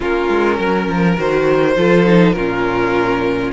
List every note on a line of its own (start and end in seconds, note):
0.00 0.29 A#3
0.00 1.16 C#4
0.00 0.57 F4
0.00 1.19 A#4
0.29 0.58 G#3
0.57 0.88 F#3
0.57 1.74 A#4
0.88 1.17 F3
1.16 1.76 D#3
1.16 1.75 F#4
1.16 2.33 C5
1.76 2.34 F3
1.76 2.05 F4
1.76 2.36 A4
2.05 2.34 D#4
2.33 3.52 A#2
2.33 3.52 C#4
2.33 3.52 F4
2.33 3.51 A#4